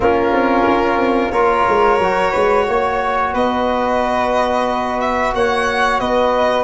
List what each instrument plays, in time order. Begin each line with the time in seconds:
0.00 tuba A#3, trombone C#4, flute F4, violin A#4
0.32 tuba C4
0.67 tuba C#4
0.97 tuba C4
1.31 tuba A#3, trombone F4, flute A#4, violin C#5
1.68 tuba G#3
1.98 tuba F#3, trombone F#4
2.31 tuba G#3, flute B4
2.67 tuba A#3, flute C#5
3.33 tuba B3, flute B4, violin D#5
5.00 violin E5
5.33 tuba A#3, flute C#5, violin F#5
6.00 tuba B3, flute B4, violin D#5